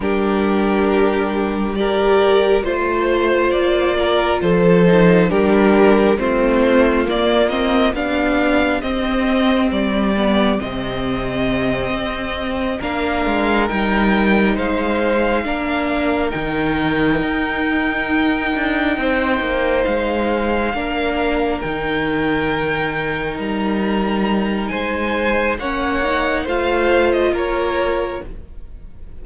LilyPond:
<<
  \new Staff \with { instrumentName = "violin" } { \time 4/4 \tempo 4 = 68 ais'2 d''4 c''4 | d''4 c''4 ais'4 c''4 | d''8 dis''8 f''4 dis''4 d''4 | dis''2~ dis''8 f''4 g''8~ |
g''8 f''2 g''4.~ | g''2~ g''8 f''4.~ | f''8 g''2 ais''4. | gis''4 fis''4 f''8. dis''16 cis''4 | }
  \new Staff \with { instrumentName = "violin" } { \time 4/4 g'2 ais'4 c''4~ | c''8 ais'8 a'4 g'4 f'4~ | f'4 g'2.~ | g'2~ g'8 ais'4.~ |
ais'8 c''4 ais'2~ ais'8~ | ais'4. c''2 ais'8~ | ais'1 | c''4 cis''4 c''4 ais'4 | }
  \new Staff \with { instrumentName = "viola" } { \time 4/4 d'2 g'4 f'4~ | f'4. dis'8 d'4 c'4 | ais8 c'8 d'4 c'4. b8 | c'2~ c'8 d'4 dis'8~ |
dis'4. d'4 dis'4.~ | dis'2.~ dis'8 d'8~ | d'8 dis'2.~ dis'8~ | dis'4 cis'8 dis'8 f'2 | }
  \new Staff \with { instrumentName = "cello" } { \time 4/4 g2. a4 | ais4 f4 g4 a4 | ais4 b4 c'4 g4 | c4. c'4 ais8 gis8 g8~ |
g8 gis4 ais4 dis4 dis'8~ | dis'4 d'8 c'8 ais8 gis4 ais8~ | ais8 dis2 g4. | gis4 ais4 a4 ais4 | }
>>